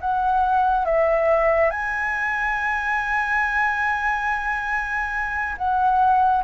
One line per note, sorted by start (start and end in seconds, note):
0.00 0.85 F#5
0.85 1.70 E5
1.70 5.56 G#5
5.58 6.43 F#5